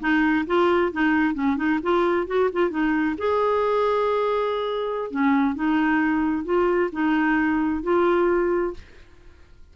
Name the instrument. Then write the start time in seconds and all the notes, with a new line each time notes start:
clarinet
0.00 D#4
0.47 F4
0.92 D#4
1.34 C#4
1.57 D#4
1.83 F4
2.27 F#4
2.52 F4
2.70 D#4
3.18 G#4
5.11 C#4
5.55 D#4
6.45 F4
6.92 D#4
7.83 F4